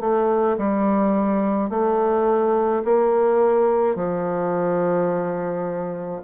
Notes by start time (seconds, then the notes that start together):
0.00 A3
0.57 G3
1.69 A3
2.84 A#3
3.95 F3